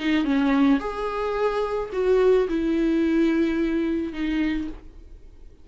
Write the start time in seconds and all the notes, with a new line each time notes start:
0.00 D#4
0.25 C#4
0.80 G#4
1.93 F#4
2.48 E4
4.13 D#4